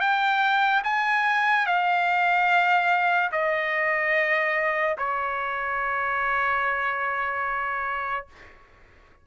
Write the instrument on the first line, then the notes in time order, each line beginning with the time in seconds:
trumpet
0.00 G5
0.84 G#5
1.66 F5
3.32 D#5
4.98 C#5